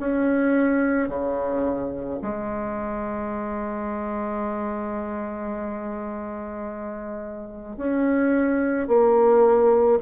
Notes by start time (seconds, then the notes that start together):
0.00 C#4
1.09 C#3
2.22 G#3
7.77 C#4
8.88 A#3